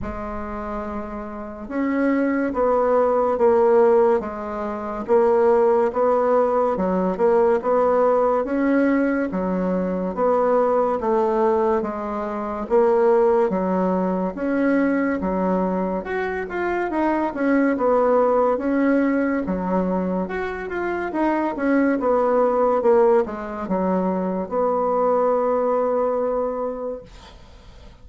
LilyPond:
\new Staff \with { instrumentName = "bassoon" } { \time 4/4 \tempo 4 = 71 gis2 cis'4 b4 | ais4 gis4 ais4 b4 | fis8 ais8 b4 cis'4 fis4 | b4 a4 gis4 ais4 |
fis4 cis'4 fis4 fis'8 f'8 | dis'8 cis'8 b4 cis'4 fis4 | fis'8 f'8 dis'8 cis'8 b4 ais8 gis8 | fis4 b2. | }